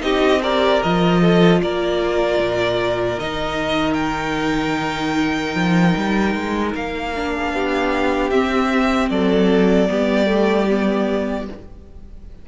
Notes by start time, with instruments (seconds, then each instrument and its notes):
0.00 cello C4, viola D#4, violin G4 D#5
0.42 viola G4, violin A#4 D5
0.83 cello F3, viola F4, violin D#5
1.21 violin A4
1.62 cello A#3, violin A#4 D5
2.39 cello A#2
3.18 cello D#3, viola D#4, violin D#5
3.93 violin G5
5.55 cello F3
5.97 cello G3
6.35 cello G#3
6.75 cello A#3, violin F5
7.16 viola D4
7.34 violin G#4
7.53 cello B3, violin G4
8.30 cello C4, viola C4, violin E5
9.10 cello F#3, violin A4 D5
9.88 cello G3, viola B3, violin G4
10.26 viola A3
10.69 viola B3